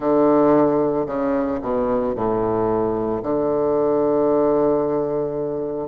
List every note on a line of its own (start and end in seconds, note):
0.00 1.06 D3
1.06 1.59 C#3
1.61 2.15 B2
2.15 3.22 A2
3.22 5.88 D3